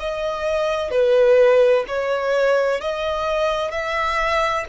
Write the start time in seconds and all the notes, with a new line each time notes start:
0.00 D#5
0.91 B4
1.88 C#5
2.81 D#5
3.72 E5